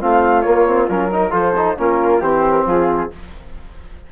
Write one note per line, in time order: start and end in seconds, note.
0.00 0.46 A3
0.00 0.45 C4
0.00 1.10 F4
0.00 0.42 F5
0.42 0.67 A#3
0.42 0.89 A#3
0.42 0.86 C#5
0.67 0.89 C4
0.89 1.32 F#3
0.89 1.12 C#4
0.89 1.33 A#4
1.11 1.31 D#4
1.11 1.32 A#4
1.31 1.76 F3
1.31 1.53 F4
1.31 1.77 A4
1.31 1.78 C5
1.57 1.77 D#4
1.77 2.21 A#3
1.77 2.22 C#4
1.77 2.21 F4
1.77 2.22 A#4
2.21 2.66 E3
2.21 3.11 C4
2.21 2.65 G4
2.21 2.52 C5
2.52 2.63 A#4
2.66 3.11 F3
2.66 3.11 F4
2.66 3.13 G#4